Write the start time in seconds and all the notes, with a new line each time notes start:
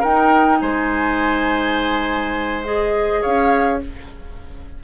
0.00 D#4 A#4 G5
0.60 G#3 C5 G#5
2.64 G#4 D#5
3.21 C#4 C#5 F5